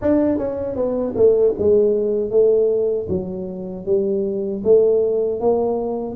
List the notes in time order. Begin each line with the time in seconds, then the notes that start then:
0.01 D4
0.38 C#4
0.75 B3
1.15 A3
1.58 G#3
2.30 A3
3.08 F#3
3.85 G3
4.64 A3
5.40 A#3